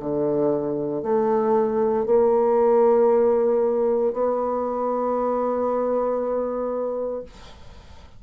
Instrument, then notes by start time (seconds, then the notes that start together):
bassoon
0.00 D3
1.03 A3
2.06 A#3
4.13 B3